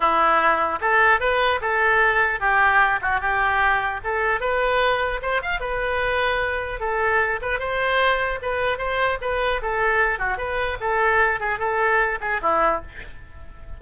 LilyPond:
\new Staff \with { instrumentName = "oboe" } { \time 4/4 \tempo 4 = 150 e'2 a'4 b'4 | a'2 g'4. fis'8 | g'2 a'4 b'4~ | b'4 c''8 f''8 b'2~ |
b'4 a'4. b'8 c''4~ | c''4 b'4 c''4 b'4 | a'4. fis'8 b'4 a'4~ | a'8 gis'8 a'4. gis'8 e'4 | }